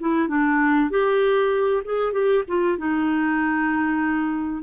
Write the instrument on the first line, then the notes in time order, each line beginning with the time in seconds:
clarinet
0.00 E4
0.29 D4
0.91 G4
1.85 G#4
2.13 G4
2.48 F4
2.78 D#4